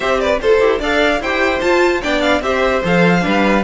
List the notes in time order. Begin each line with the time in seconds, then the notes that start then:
0.00 C4 G4 C5 E5
0.19 B4 D5
0.40 F4 A4 C5
0.60 E4 G4
0.79 D4 A4 D5 F5
1.20 E4 G4 C5 G5
1.60 F4 A5
2.01 B3 D4 D5 G5
2.21 F5
2.41 C4 G4 C5 E5
2.83 F3 A4 F5
3.20 G3 D4 B4